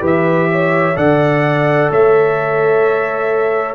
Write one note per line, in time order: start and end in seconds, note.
0.00 0.95 E3
0.00 0.94 G4
0.00 0.47 B4
0.06 0.97 E5
0.51 0.97 C#5
0.95 1.90 D3
0.95 3.75 A4
0.95 1.91 D5
0.95 1.91 F#5
1.91 3.75 A3
1.91 3.75 C#5
1.91 3.75 E5